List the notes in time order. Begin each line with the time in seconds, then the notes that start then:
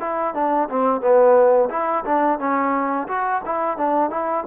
0.00 E4
0.34 D4
0.69 C4
1.01 B3
1.70 E4
2.05 D4
2.39 C#4
3.08 F#4
3.46 E4
3.77 D4
4.10 E4